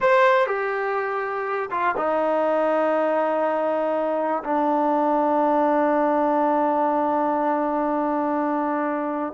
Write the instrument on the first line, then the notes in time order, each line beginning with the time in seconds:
trombone
0.00 C5
0.46 G4
1.70 F4
1.97 D#4
4.44 D4